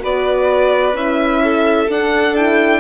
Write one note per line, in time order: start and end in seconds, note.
0.00 0.94 B3
0.00 0.94 F#4
0.00 1.43 B4
0.00 0.97 D5
0.94 1.88 C#4
0.94 1.88 E4
0.94 1.90 E5
1.44 2.81 A4
1.90 2.36 D4
1.90 2.81 D4
1.90 2.36 F#5
2.36 2.81 E4
2.36 2.81 G5